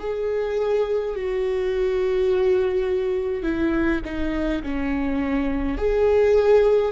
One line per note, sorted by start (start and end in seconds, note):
0.00 1.15 G#4
1.16 3.44 F#4
3.44 4.01 E4
4.05 4.63 D#4
4.63 5.78 C#4
5.78 6.92 G#4